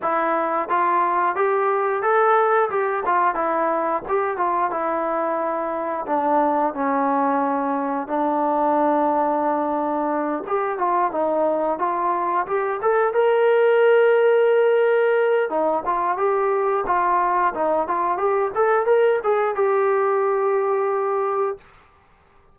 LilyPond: \new Staff \with { instrumentName = "trombone" } { \time 4/4 \tempo 4 = 89 e'4 f'4 g'4 a'4 | g'8 f'8 e'4 g'8 f'8 e'4~ | e'4 d'4 cis'2 | d'2.~ d'8 g'8 |
f'8 dis'4 f'4 g'8 a'8 ais'8~ | ais'2. dis'8 f'8 | g'4 f'4 dis'8 f'8 g'8 a'8 | ais'8 gis'8 g'2. | }